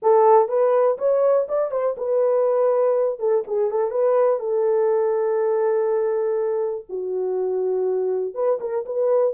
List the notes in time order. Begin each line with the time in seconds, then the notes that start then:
0.02 A4
0.48 B4
0.97 C#5
1.48 D5
1.71 C5
1.97 B4
3.19 A4
3.47 G#4
3.71 A4
3.91 B4
4.39 A4
6.89 F#4
8.34 B4
8.60 A#4
8.85 B4